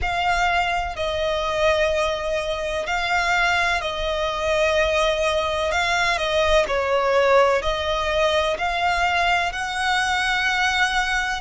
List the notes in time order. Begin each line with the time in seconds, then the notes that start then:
0.01 F5
0.96 D#5
2.86 F5
3.81 D#5
5.71 F5
6.17 D#5
6.67 C#5
7.62 D#5
8.58 F5
9.52 F#5